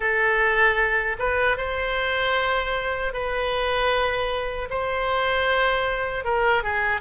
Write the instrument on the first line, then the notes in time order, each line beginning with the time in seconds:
oboe
0.00 A4
1.19 B4
1.57 C5
3.13 B4
4.70 C5
6.24 A#4
6.63 G#4